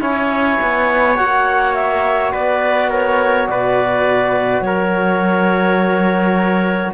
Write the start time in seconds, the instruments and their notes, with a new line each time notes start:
0.00 cello C#4, trombone E4, trumpet C#5, clarinet G#5
0.62 cello B3
1.16 cello A#3, trombone F#4, clarinet F#5
1.74 clarinet E5
2.32 cello B3, trumpet B4, clarinet D5
2.89 trumpet A#4, clarinet C#5
3.48 cello B2, trumpet B4, clarinet D5
4.60 cello F#3, trumpet A#4, clarinet C#5